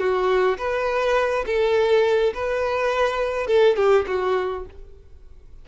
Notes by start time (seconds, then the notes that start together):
0.00 F#4
0.58 B4
1.47 A4
2.35 B4
3.48 A4
3.77 G4
4.08 F#4